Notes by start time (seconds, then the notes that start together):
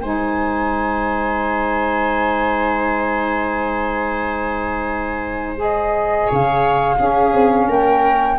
0.00 G#3 D#4 C5 G#5
5.56 G#4 D#5
6.26 C#3 C#5
6.32 F5
6.97 C#4 G#4
7.33 C4
7.68 A#3 A#4 G5